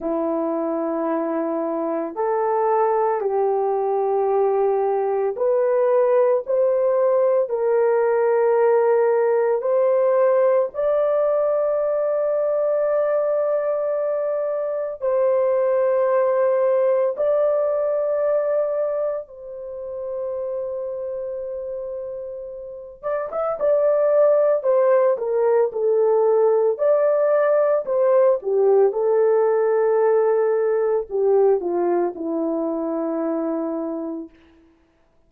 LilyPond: \new Staff \with { instrumentName = "horn" } { \time 4/4 \tempo 4 = 56 e'2 a'4 g'4~ | g'4 b'4 c''4 ais'4~ | ais'4 c''4 d''2~ | d''2 c''2 |
d''2 c''2~ | c''4. d''16 e''16 d''4 c''8 ais'8 | a'4 d''4 c''8 g'8 a'4~ | a'4 g'8 f'8 e'2 | }